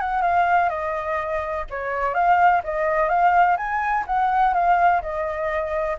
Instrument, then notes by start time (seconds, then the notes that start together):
flute
0.00 F#5
0.21 F5
0.69 D#5
1.70 C#5
2.14 F5
2.63 D#5
3.09 F5
3.57 G#5
4.06 F#5
4.53 F5
5.01 D#5